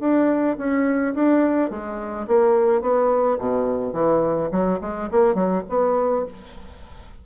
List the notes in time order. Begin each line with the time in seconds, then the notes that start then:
0.00 D4
0.58 C#4
1.15 D4
1.70 G#3
2.28 A#3
2.81 B3
3.39 B2
3.93 E3
4.52 F#3
4.81 G#3
5.11 A#3
5.35 F#3
5.69 B3